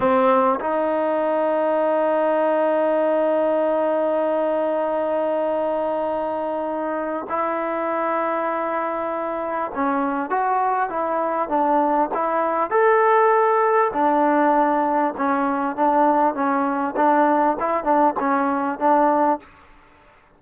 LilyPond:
\new Staff \with { instrumentName = "trombone" } { \time 4/4 \tempo 4 = 99 c'4 dis'2.~ | dis'1~ | dis'1 | e'1 |
cis'4 fis'4 e'4 d'4 | e'4 a'2 d'4~ | d'4 cis'4 d'4 cis'4 | d'4 e'8 d'8 cis'4 d'4 | }